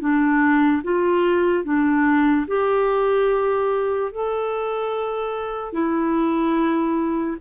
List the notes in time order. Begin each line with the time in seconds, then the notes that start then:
0.00 D4
0.83 F4
1.64 D4
2.47 G4
4.11 A4
5.73 E4